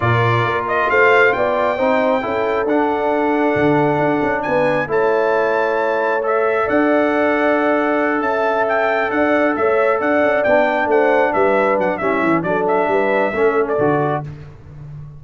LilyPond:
<<
  \new Staff \with { instrumentName = "trumpet" } { \time 4/4 \tempo 4 = 135 d''4. dis''8 f''4 g''4~ | g''2 fis''2~ | fis''2 gis''4 a''4~ | a''2 e''4 fis''4~ |
fis''2~ fis''8 a''4 g''8~ | g''8 fis''4 e''4 fis''4 g''8~ | g''8 fis''4 e''4 fis''8 e''4 | d''8 e''2~ e''16 d''4~ d''16 | }
  \new Staff \with { instrumentName = "horn" } { \time 4/4 ais'2 c''4 d''4 | c''4 a'2.~ | a'2 b'4 cis''4~ | cis''2. d''4~ |
d''2~ d''8 e''4.~ | e''8 d''4 cis''4 d''4.~ | d''8 c''4 b'4. e'4 | a'4 b'4 a'2 | }
  \new Staff \with { instrumentName = "trombone" } { \time 4/4 f'1 | dis'4 e'4 d'2~ | d'2. e'4~ | e'2 a'2~ |
a'1~ | a'2.~ a'8 d'8~ | d'2. cis'4 | d'2 cis'4 fis'4 | }
  \new Staff \with { instrumentName = "tuba" } { \time 4/4 ais,4 ais4 a4 b4 | c'4 cis'4 d'2 | d4 d'8 cis'8 b4 a4~ | a2. d'4~ |
d'2~ d'8 cis'4.~ | cis'8 d'4 a4 d'8 cis'8 b8~ | b8 a4 g4 fis8 g8 e8 | fis4 g4 a4 d4 | }
>>